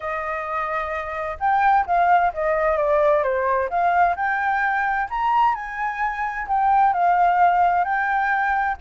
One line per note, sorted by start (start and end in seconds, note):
0.00 1.37 D#5
1.39 1.85 G5
1.86 2.32 F5
2.33 2.77 D#5
2.77 3.23 D5
3.23 3.69 C5
3.69 4.15 F5
4.16 5.08 G5
5.10 5.54 A#5
5.54 6.47 G#5
6.47 6.93 G5
6.93 7.84 F5
7.84 8.77 G5